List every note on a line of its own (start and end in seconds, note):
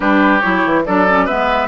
0.00 0.41 G3
0.00 0.41 D4
0.00 0.82 G4
0.00 0.40 B4
0.40 0.64 F#3
0.40 0.85 E4
0.40 0.82 C#5
0.64 0.86 E3
0.85 1.30 F#3
0.85 1.07 D4
0.85 1.25 A4
0.85 1.27 D5
1.07 1.28 C#4
1.25 1.68 G#3
1.25 1.68 B3
1.25 1.67 B4
1.25 1.68 E5